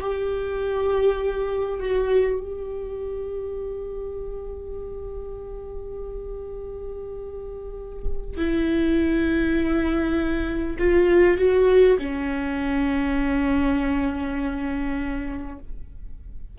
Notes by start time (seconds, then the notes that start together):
0.00 G4
1.79 F#4
2.40 G4
8.37 E4
10.78 F4
11.38 F#4
11.98 C#4